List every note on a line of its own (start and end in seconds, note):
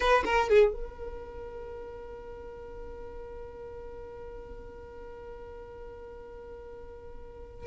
0.00 0.24 B4
0.25 0.49 A#4
0.49 0.73 G#4
0.73 7.66 A#4